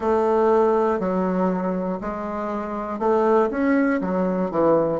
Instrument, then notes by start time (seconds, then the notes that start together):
bassoon
0.00 A3
0.99 F#3
2.00 G#3
2.99 A3
3.50 C#4
4.00 F#3
4.50 E3